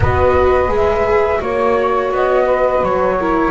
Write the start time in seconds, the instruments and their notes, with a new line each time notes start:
0.00 double bass B3, viola F#4, saxophone B4, flute D#5
0.68 double bass G#3, viola G#4
0.75 flute E5
1.38 double bass A#3, viola F#4, flute C#5, saxophone C#5
2.11 double bass B3, flute D#5
2.44 saxophone B4
2.82 double bass F#3, flute C#5
3.17 viola E4, saxophone A#4